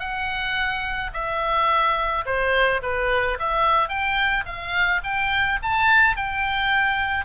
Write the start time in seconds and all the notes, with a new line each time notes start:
0.00 F#5
1.14 E5
2.26 C5
2.82 B4
3.39 E5
3.89 G5
4.46 F5
5.04 G5
5.62 A5
6.16 G5